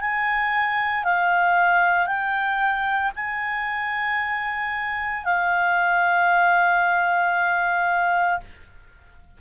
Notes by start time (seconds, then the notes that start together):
0.00 G#5
1.04 F5
2.06 G5
3.15 G#5
5.24 F5